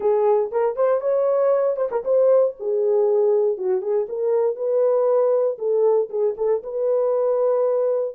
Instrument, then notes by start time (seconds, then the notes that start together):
horn
0.00 G#4
0.51 A#4
0.76 C5
1.00 C#5
1.76 C5
1.91 A#4
2.04 C5
2.59 G#4
3.57 F#4
3.81 G#4
4.08 A#4
4.56 B4
5.58 A4
6.09 G#4
6.37 A4
6.63 B4